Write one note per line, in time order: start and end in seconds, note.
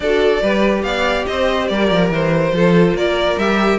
0.00 0.39 D4
0.00 0.44 F#4
0.00 0.42 A4
0.00 0.82 D5
0.42 0.82 G3
0.42 2.55 G4
0.42 0.85 B4
0.82 1.25 B3
0.82 1.28 D5
0.82 1.25 F5
1.26 1.70 C4
1.26 1.70 C5
1.26 1.67 D#5
1.67 1.90 G3
1.67 2.54 A#4
1.67 2.10 D5
1.90 2.09 F3
2.09 2.51 E3
2.09 2.96 C5
2.52 2.93 F3
2.52 3.40 F4
2.52 2.96 A4
2.93 3.36 A#3
2.93 3.78 A#4
2.93 3.38 D5
3.37 3.78 G3
3.37 3.78 G4
3.37 3.78 E5